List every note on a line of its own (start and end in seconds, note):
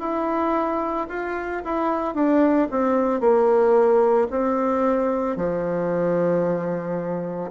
0.00 1.07 E4
1.09 1.63 F4
1.65 2.15 E4
2.15 2.68 D4
2.71 3.21 C4
3.21 4.28 A#3
4.31 5.37 C4
5.37 7.51 F3